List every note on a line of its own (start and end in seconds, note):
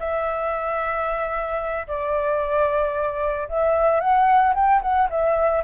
0.00 1.87 E5
1.88 3.49 D5
3.49 4.01 E5
4.01 4.54 F#5
4.55 4.82 G5
4.82 5.09 F#5
5.10 5.64 E5